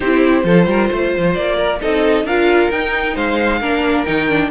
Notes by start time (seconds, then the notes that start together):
0.00 C4 E4 G4 C5
0.43 F3 F4 A4
0.66 G3 A#4
0.88 A3 C5
1.17 F3
1.34 A#3 D5
1.56 A#4
1.81 C4 D#4 A4 D#5
2.23 D4 F4 A#4 F5
2.70 D#4 G5
3.15 G#3 C5 F5
3.60 A#3 D4 A#4
4.04 D#3 D#4 G5
4.28 D4